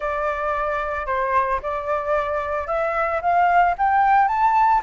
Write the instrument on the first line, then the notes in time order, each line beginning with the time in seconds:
flute
0.00 D5
1.06 C5
1.62 D5
2.67 E5
3.21 F5
3.77 G5
4.28 A5